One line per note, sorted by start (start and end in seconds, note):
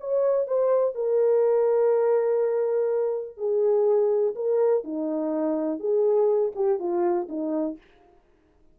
0.00 0.47 C#5
0.47 0.95 C5
0.95 3.37 A#4
3.37 4.35 G#4
4.35 4.84 A#4
4.84 5.79 D#4
5.79 6.52 G#4
6.55 6.79 G4
6.79 7.28 F4
7.29 7.77 D#4